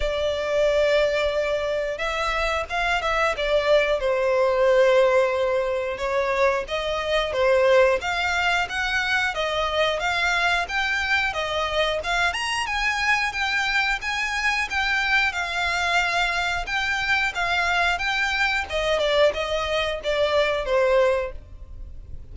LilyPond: \new Staff \with { instrumentName = "violin" } { \time 4/4 \tempo 4 = 90 d''2. e''4 | f''8 e''8 d''4 c''2~ | c''4 cis''4 dis''4 c''4 | f''4 fis''4 dis''4 f''4 |
g''4 dis''4 f''8 ais''8 gis''4 | g''4 gis''4 g''4 f''4~ | f''4 g''4 f''4 g''4 | dis''8 d''8 dis''4 d''4 c''4 | }